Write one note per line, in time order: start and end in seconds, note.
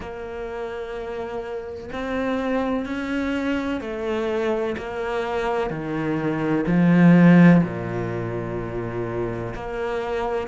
0.00 1.90 A#3
1.92 2.85 C4
2.85 3.81 C#4
3.81 4.76 A3
4.77 5.70 A#3
5.70 6.65 D#3
6.66 7.61 F3
7.63 9.54 A#2
9.55 10.47 A#3